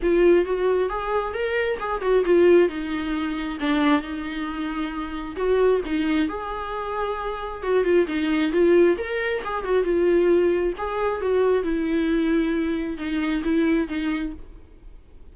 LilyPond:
\new Staff \with { instrumentName = "viola" } { \time 4/4 \tempo 4 = 134 f'4 fis'4 gis'4 ais'4 | gis'8 fis'8 f'4 dis'2 | d'4 dis'2. | fis'4 dis'4 gis'2~ |
gis'4 fis'8 f'8 dis'4 f'4 | ais'4 gis'8 fis'8 f'2 | gis'4 fis'4 e'2~ | e'4 dis'4 e'4 dis'4 | }